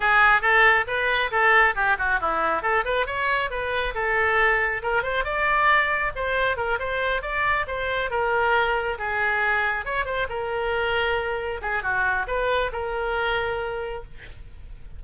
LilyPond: \new Staff \with { instrumentName = "oboe" } { \time 4/4 \tempo 4 = 137 gis'4 a'4 b'4 a'4 | g'8 fis'8 e'4 a'8 b'8 cis''4 | b'4 a'2 ais'8 c''8 | d''2 c''4 ais'8 c''8~ |
c''8 d''4 c''4 ais'4.~ | ais'8 gis'2 cis''8 c''8 ais'8~ | ais'2~ ais'8 gis'8 fis'4 | b'4 ais'2. | }